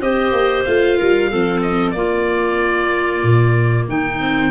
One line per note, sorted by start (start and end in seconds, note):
0.00 0.32 C4
0.00 0.66 G4
0.00 0.97 C5
0.00 0.64 D#5
0.32 0.64 A#3
0.64 0.99 A3
0.64 1.30 F4
0.64 1.60 F5
0.97 1.32 G3
0.97 1.29 A#4
1.29 1.93 F3
1.29 1.95 C4
1.29 1.94 A4
1.62 1.91 D#5
1.91 3.22 A#3
1.91 4.20 A#3
1.91 3.88 F4
1.91 3.84 D5
3.22 3.87 A#2
3.88 4.50 D#3
3.88 4.50 D#4
3.88 4.50 G5
4.20 4.50 C4